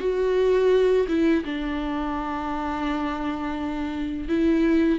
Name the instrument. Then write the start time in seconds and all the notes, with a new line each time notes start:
viola
0.00 F#4
1.09 E4
1.45 D4
4.29 E4